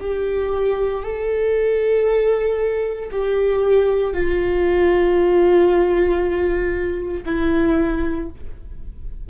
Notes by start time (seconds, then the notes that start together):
0.00 G4
1.03 A4
3.11 G4
4.13 F4
7.26 E4